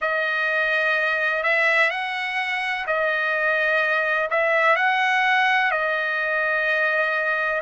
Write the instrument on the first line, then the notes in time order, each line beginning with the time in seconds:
trumpet
0.01 D#5
1.43 E5
1.90 F#5
2.86 D#5
4.30 E5
4.76 F#5
5.71 D#5